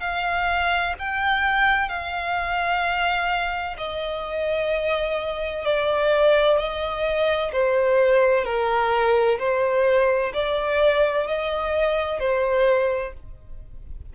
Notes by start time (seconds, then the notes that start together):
0.00 F5
0.99 G5
1.89 F5
3.78 D#5
5.65 D5
6.58 D#5
7.52 C5
8.45 A#4
9.38 C5
10.33 D5
11.27 D#5
12.19 C5